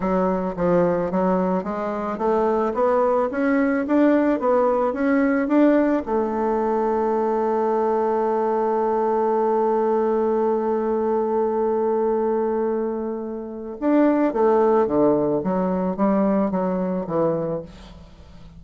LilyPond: \new Staff \with { instrumentName = "bassoon" } { \time 4/4 \tempo 4 = 109 fis4 f4 fis4 gis4 | a4 b4 cis'4 d'4 | b4 cis'4 d'4 a4~ | a1~ |
a1~ | a1~ | a4 d'4 a4 d4 | fis4 g4 fis4 e4 | }